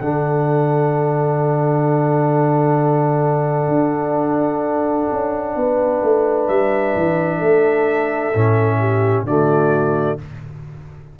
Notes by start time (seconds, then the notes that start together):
0.00 D3 D4 A4 F#5
3.68 D4
5.11 C#4
5.55 B3 B4
6.02 A3
6.47 G3 E5
6.95 E3
7.37 A3 A4
8.34 A2 C#4
8.79 G4
9.23 D3 A3 F#4 D5